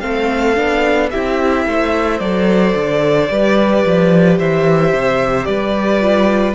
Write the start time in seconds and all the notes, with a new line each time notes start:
0.00 A3 C4 A4 F5
0.55 B3 D4
1.11 C4 E4 G4 E5
1.66 A3 C5
2.19 F#3 A4 D5
2.75 D3
3.29 G3 G4 B4
3.86 F3
4.38 E3 C5 E5
4.93 C3
5.45 G3 B4 D5
6.01 F4